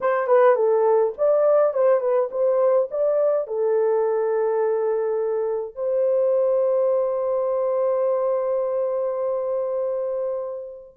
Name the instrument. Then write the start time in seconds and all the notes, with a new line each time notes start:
horn
0.00 C5
0.27 B4
0.55 A4
1.17 D5
1.73 C5
2.00 B4
2.31 C5
2.90 D5
3.47 A4
5.75 C5